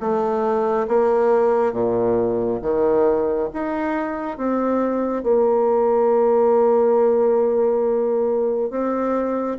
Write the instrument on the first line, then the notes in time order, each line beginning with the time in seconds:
bassoon
0.00 A3
0.88 A#3
1.73 A#2
2.62 D#3
3.53 D#4
4.37 C4
5.23 A#3
8.70 C4